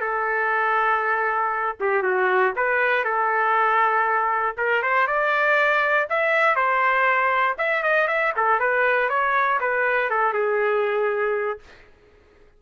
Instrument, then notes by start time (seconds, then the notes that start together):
trumpet
0.00 A4
1.80 G4
2.02 F#4
2.56 B4
3.04 A4
4.57 A#4
4.82 C5
5.07 D5
6.09 E5
6.55 C5
7.58 E5
7.82 D#5
8.07 E5
8.36 A4
8.59 B4
9.09 C#5
9.60 B4
10.10 A4
10.33 G#4